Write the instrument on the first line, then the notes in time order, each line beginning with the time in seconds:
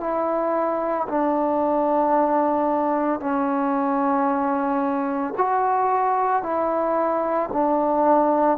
trombone
0.00 E4
1.08 D4
3.19 C#4
5.37 F#4
6.42 E4
7.53 D4